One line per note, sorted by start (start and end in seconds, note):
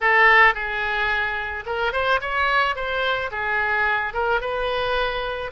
0.01 0.54 A4
0.54 1.64 G#4
1.66 1.92 A#4
1.92 2.19 C5
2.21 2.75 C#5
2.75 3.30 C5
3.31 4.13 G#4
4.13 4.41 A#4
4.41 5.51 B4